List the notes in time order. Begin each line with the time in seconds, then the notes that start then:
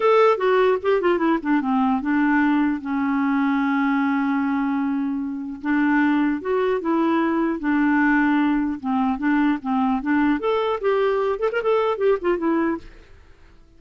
0.00 A4
0.37 F#4
0.82 G4
1.01 F4
1.18 E4
1.42 D4
1.61 C4
2.01 D4
2.81 C#4
5.61 D4
6.41 F#4
6.80 E4
7.59 D4
8.80 C4
9.18 D4
9.62 C4
10.02 D4
10.39 A4
10.80 G4
11.39 A4
11.52 A#4
11.62 A4
11.97 G4
12.21 F4
12.37 E4